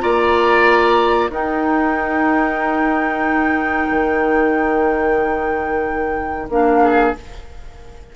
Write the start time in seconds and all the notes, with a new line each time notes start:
0.00 A#3 F4 D5 A#5
1.30 D#4 A#4 G5
3.90 D#3
6.49 A#3 D4 F5
6.83 G#4